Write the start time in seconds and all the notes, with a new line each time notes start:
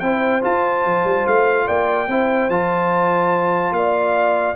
0.00 C4 E4 C5 G5
0.42 F4 A5
0.86 F3
1.05 G3
1.27 A3 F5
1.67 A#3 D5 G5
2.08 C4 E4 C5
2.50 F3 F4 A5
3.72 A#3 D5 F5